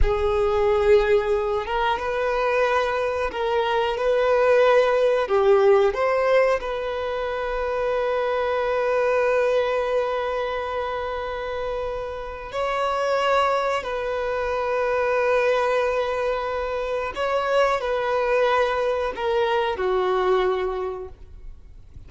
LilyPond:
\new Staff \with { instrumentName = "violin" } { \time 4/4 \tempo 4 = 91 gis'2~ gis'8 ais'8 b'4~ | b'4 ais'4 b'2 | g'4 c''4 b'2~ | b'1~ |
b'2. cis''4~ | cis''4 b'2.~ | b'2 cis''4 b'4~ | b'4 ais'4 fis'2 | }